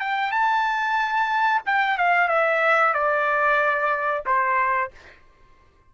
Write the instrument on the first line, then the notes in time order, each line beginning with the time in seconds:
trumpet
0.00 G5
0.32 A5
1.66 G5
1.98 F5
2.29 E5
2.94 D5
4.26 C5